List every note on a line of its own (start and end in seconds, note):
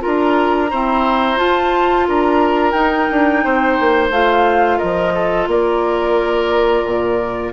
0.00 0.72 D4
0.00 0.68 F4
0.00 0.70 A#4
0.00 1.38 A#5
0.71 1.37 C4
0.71 1.40 E4
0.71 2.07 C5
1.37 2.73 F4
1.37 2.08 F4
1.37 2.07 A5
2.08 2.73 D4
2.08 3.44 A#4
2.08 2.71 A#5
2.71 3.07 D#4
2.71 4.10 D#4
2.71 4.08 G5
3.11 3.45 D4
3.44 3.79 C4
3.44 4.78 C5
3.80 4.10 A#3
4.10 4.78 A3
4.10 7.53 F4
4.10 4.79 F5
4.78 5.47 F3
4.78 5.12 A#4
4.78 5.47 D#5
5.14 5.49 A4
5.47 6.84 A#3
5.47 7.53 A#4
5.47 7.53 D5
6.85 7.53 A#2